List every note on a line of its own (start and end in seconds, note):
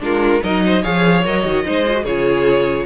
0.00 0.41 G#3
0.00 0.41 D4
0.00 0.43 F4
0.00 0.44 A#4
0.43 0.85 F#3
0.43 0.83 D#4
0.43 0.63 A#4
0.43 0.84 D#5
0.66 0.82 C5
0.82 1.27 F3
0.82 1.24 G#4
0.82 1.64 C#5
0.82 1.24 F5
1.25 1.44 F#3
1.25 1.44 A#4
1.25 2.05 D#5
1.44 1.65 D#3
1.44 1.64 F#4
1.64 2.04 G#3
1.64 1.85 D#4
1.64 2.04 C5
1.87 1.93 F4
1.93 2.03 F#4
2.04 2.86 C#3
2.04 2.86 F4
2.04 2.85 G#4
2.04 2.86 C#5